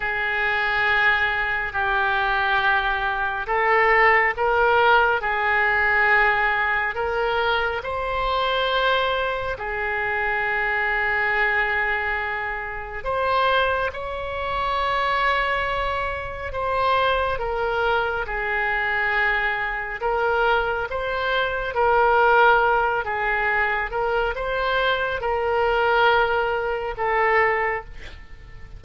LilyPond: \new Staff \with { instrumentName = "oboe" } { \time 4/4 \tempo 4 = 69 gis'2 g'2 | a'4 ais'4 gis'2 | ais'4 c''2 gis'4~ | gis'2. c''4 |
cis''2. c''4 | ais'4 gis'2 ais'4 | c''4 ais'4. gis'4 ais'8 | c''4 ais'2 a'4 | }